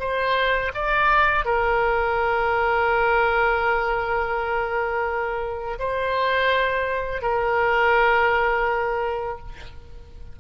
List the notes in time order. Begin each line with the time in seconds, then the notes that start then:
0.00 C5
0.75 D5
1.46 A#4
5.80 C5
7.22 A#4